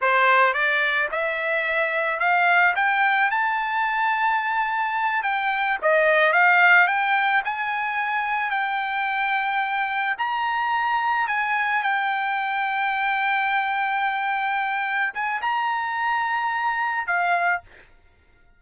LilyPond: \new Staff \with { instrumentName = "trumpet" } { \time 4/4 \tempo 4 = 109 c''4 d''4 e''2 | f''4 g''4 a''2~ | a''4. g''4 dis''4 f''8~ | f''8 g''4 gis''2 g''8~ |
g''2~ g''8 ais''4.~ | ais''8 gis''4 g''2~ g''8~ | g''2.~ g''8 gis''8 | ais''2. f''4 | }